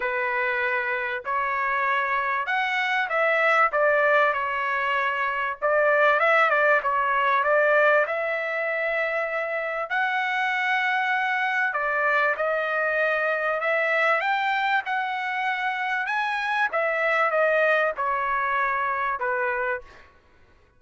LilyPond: \new Staff \with { instrumentName = "trumpet" } { \time 4/4 \tempo 4 = 97 b'2 cis''2 | fis''4 e''4 d''4 cis''4~ | cis''4 d''4 e''8 d''8 cis''4 | d''4 e''2. |
fis''2. d''4 | dis''2 e''4 g''4 | fis''2 gis''4 e''4 | dis''4 cis''2 b'4 | }